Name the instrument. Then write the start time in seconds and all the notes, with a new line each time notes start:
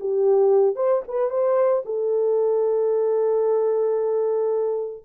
horn
0.00 G4
0.75 C5
1.07 B4
1.30 C5
1.85 A4